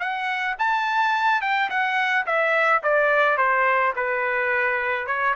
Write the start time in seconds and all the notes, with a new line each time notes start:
0.00 F#5
0.59 A5
1.42 G5
1.70 F#5
2.26 E5
2.83 D5
3.38 C5
3.96 B4
5.07 C#5